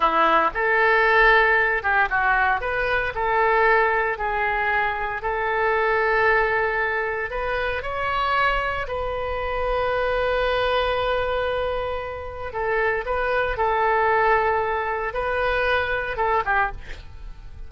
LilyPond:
\new Staff \with { instrumentName = "oboe" } { \time 4/4 \tempo 4 = 115 e'4 a'2~ a'8 g'8 | fis'4 b'4 a'2 | gis'2 a'2~ | a'2 b'4 cis''4~ |
cis''4 b'2.~ | b'1 | a'4 b'4 a'2~ | a'4 b'2 a'8 g'8 | }